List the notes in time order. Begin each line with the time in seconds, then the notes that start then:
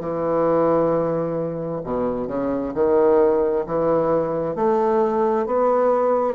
0.00 E3
1.84 B2
2.28 C#3
2.75 D#3
3.67 E3
4.56 A3
5.47 B3